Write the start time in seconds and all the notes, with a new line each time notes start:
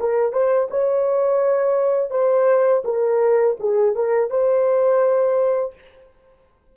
0.00 A#4
0.32 C5
0.71 C#5
2.11 C5
2.85 A#4
3.60 G#4
3.95 A#4
4.30 C5